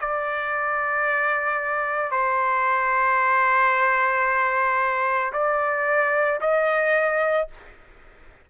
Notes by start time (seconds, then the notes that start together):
0.00 D5
2.11 C5
5.32 D5
6.40 D#5